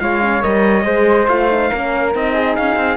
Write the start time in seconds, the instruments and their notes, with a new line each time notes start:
0.00 cello G#3, horn F4, flute C#5, trumpet F5
0.21 horn C#4
0.41 cello G3, horn A#4, trumpet D#5
0.84 cello G#3, horn G#4, flute C5
1.28 cello A3, horn F4, trumpet F5
1.49 horn D#4
1.70 cello A#3, horn C#4, flute A#4
2.13 cello C4, horn D#4, trumpet D#5
2.34 flute G#4
2.56 cello C#4, trumpet F5
2.76 cello C4